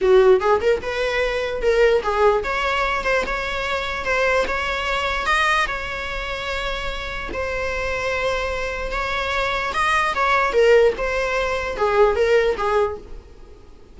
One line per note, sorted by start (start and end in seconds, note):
0.01 0.40 F#4
0.40 0.60 G#4
0.60 0.81 A#4
0.81 1.61 B4
1.61 2.02 A#4
2.02 2.43 G#4
2.43 3.04 C#5
3.04 3.24 C5
3.26 4.04 C#5
4.04 4.45 C5
4.47 5.26 C#5
5.26 5.66 D#5
5.67 7.29 C#5
7.33 8.91 C5
8.91 9.72 C#5
9.73 10.14 D#5
10.14 10.52 C#5
10.52 10.93 A#4
10.97 11.77 C5
11.77 12.15 G#4
12.15 12.56 A#4
12.57 12.97 G#4